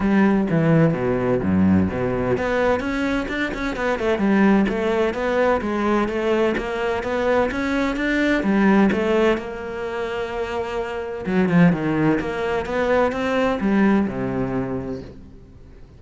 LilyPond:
\new Staff \with { instrumentName = "cello" } { \time 4/4 \tempo 4 = 128 g4 e4 b,4 fis,4 | b,4 b4 cis'4 d'8 cis'8 | b8 a8 g4 a4 b4 | gis4 a4 ais4 b4 |
cis'4 d'4 g4 a4 | ais1 | fis8 f8 dis4 ais4 b4 | c'4 g4 c2 | }